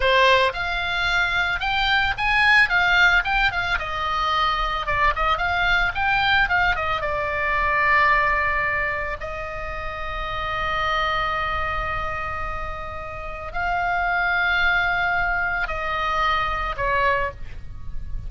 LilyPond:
\new Staff \with { instrumentName = "oboe" } { \time 4/4 \tempo 4 = 111 c''4 f''2 g''4 | gis''4 f''4 g''8 f''8 dis''4~ | dis''4 d''8 dis''8 f''4 g''4 | f''8 dis''8 d''2.~ |
d''4 dis''2.~ | dis''1~ | dis''4 f''2.~ | f''4 dis''2 cis''4 | }